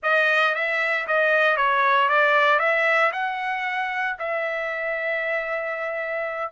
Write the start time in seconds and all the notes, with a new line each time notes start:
0.02 D#5
0.54 E5
1.07 D#5
1.57 C#5
2.08 D5
2.59 E5
3.12 F#5
4.18 E5